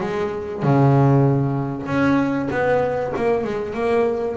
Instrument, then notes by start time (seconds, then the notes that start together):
double bass
0.00 G#3
0.62 C#3
1.86 C#4
2.50 B3
3.16 A#3
3.43 G#3
3.73 A#3